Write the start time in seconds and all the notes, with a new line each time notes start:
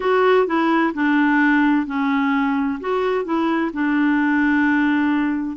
0.00 F#4
0.46 E4
0.93 D4
1.86 C#4
2.80 F#4
3.24 E4
3.73 D4